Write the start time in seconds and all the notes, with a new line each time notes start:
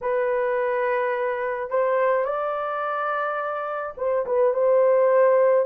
0.01 B4
1.70 C5
2.24 D5
3.97 C5
4.26 B4
4.53 C5